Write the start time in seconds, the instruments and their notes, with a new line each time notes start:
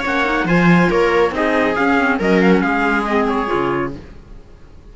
0.00 cello A#3, clarinet C#4, viola C#5
0.06 trumpet F#5
0.25 clarinet D#4
0.44 cello F3, clarinet F4, viola C5, trumpet G#5
0.90 cello A#3, viola A#4, trumpet C#5
1.31 cello C4, clarinet D#4, viola G#4, trumpet D#5
1.76 clarinet C#4, cello C#4, trumpet F5
1.98 clarinet C4
2.19 cello F#3, clarinet C#4, viola A#4, trumpet D#5
2.41 trumpet F5
2.52 trumpet F#5
2.61 cello G#3, viola G#4, trumpet F5
3.05 clarinet C4, trumpet D#5
3.29 trumpet C#5
3.47 clarinet F4
3.53 cello C#3